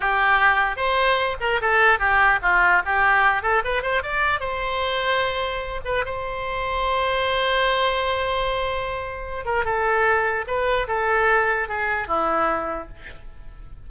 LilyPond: \new Staff \with { instrumentName = "oboe" } { \time 4/4 \tempo 4 = 149 g'2 c''4. ais'8 | a'4 g'4 f'4 g'4~ | g'8 a'8 b'8 c''8 d''4 c''4~ | c''2~ c''8 b'8 c''4~ |
c''1~ | c''2.~ c''8 ais'8 | a'2 b'4 a'4~ | a'4 gis'4 e'2 | }